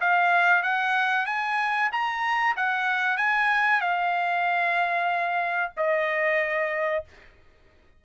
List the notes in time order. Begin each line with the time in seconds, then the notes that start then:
0.00 F5
0.62 F#5
1.26 G#5
1.92 A#5
2.56 F#5
3.17 G#5
3.80 F5
5.76 D#5